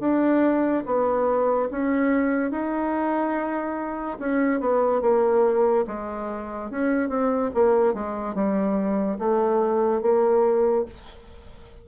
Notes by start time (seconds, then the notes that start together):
0.00 D4
0.86 B3
1.71 C#4
2.51 D#4
4.19 C#4
4.60 B3
5.02 A#3
5.87 G#3
6.70 C#4
7.09 C4
7.54 A#3
7.94 G#3
8.34 G3
9.19 A3
10.02 A#3